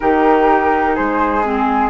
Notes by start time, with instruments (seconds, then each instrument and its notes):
0.00 bassoon D#3, clarinet D#4, flute G4 A#4
0.95 bassoon G#3, flute G#4 C5
1.43 clarinet C4, flute G#4